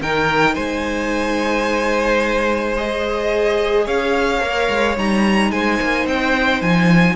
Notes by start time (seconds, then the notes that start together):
0.00 D#3 D#4 A#4 G5
0.54 G#3 C5 G#5
2.77 G#4 D#5
3.85 C#4 C#5 F5
4.40 A#3 A#4
4.69 G#3
4.97 G3 D#4 A#5
5.51 G#3 C5 G#5
5.81 A#3
6.06 C4 G5
6.61 F3 G#5